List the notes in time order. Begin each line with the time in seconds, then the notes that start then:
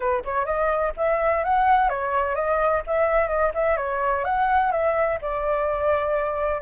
0.00 B4
0.24 C#5
0.45 D#5
0.96 E5
1.44 F#5
1.89 C#5
2.35 D#5
2.86 E5
3.28 D#5
3.54 E5
3.77 C#5
4.24 F#5
4.71 E5
5.21 D5